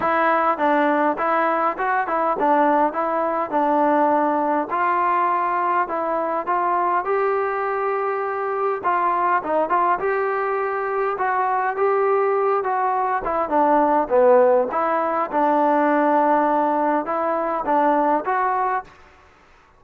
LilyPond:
\new Staff \with { instrumentName = "trombone" } { \time 4/4 \tempo 4 = 102 e'4 d'4 e'4 fis'8 e'8 | d'4 e'4 d'2 | f'2 e'4 f'4 | g'2. f'4 |
dis'8 f'8 g'2 fis'4 | g'4. fis'4 e'8 d'4 | b4 e'4 d'2~ | d'4 e'4 d'4 fis'4 | }